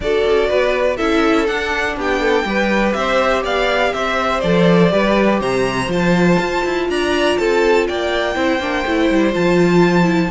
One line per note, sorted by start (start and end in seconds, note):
0.00 0.24 D4
0.00 0.98 F#4
0.00 0.49 A4
0.00 0.97 D5
0.25 0.49 C#4
0.49 0.99 B3
0.49 0.97 B4
0.97 1.49 C#4
0.97 1.47 E4
0.97 1.95 A4
0.97 1.46 E5
1.47 2.45 D4
1.47 1.97 D4
1.47 1.96 F#5
1.97 2.44 B3
1.97 2.20 G4
1.97 2.92 G5
2.20 2.45 A4
2.44 2.93 G3
2.44 4.42 G4
2.44 2.97 B4
2.92 3.44 C4
2.92 3.43 C5
2.92 3.42 E5
3.43 3.93 B3
3.43 3.92 D5
3.43 3.93 F5
3.93 4.42 C4
3.93 4.92 C5
3.93 4.40 E5
4.40 4.92 F3
4.40 4.89 A4
4.40 5.39 D5
4.89 5.41 G3
4.89 5.87 G4
4.89 5.40 B4
5.40 5.87 C3
5.40 6.88 C5
5.40 5.91 A#5
5.87 6.36 F3
5.87 8.35 F4
5.87 6.89 A5
6.39 6.63 F4
6.64 6.88 E4
6.88 7.37 D4
6.88 7.39 D5
6.88 7.37 A#5
7.37 7.88 C4
7.37 7.87 A4
7.37 7.86 A5
7.87 8.35 A#3
7.87 8.35 D5
7.87 9.34 G5
8.35 8.59 C4
8.35 8.59 E4
8.35 10.31 C5
8.59 8.84 A#3
8.59 8.85 D4
8.86 9.10 A3
8.86 9.32 E4
9.10 9.34 G3
9.32 10.31 F3
9.32 10.03 F4
9.32 10.31 A5
10.03 10.28 E4